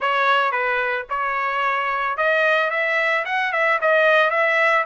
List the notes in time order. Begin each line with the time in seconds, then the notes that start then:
0.00 C#5
0.51 B4
1.09 C#5
2.17 D#5
2.70 E5
3.25 F#5
3.52 E5
3.81 D#5
4.30 E5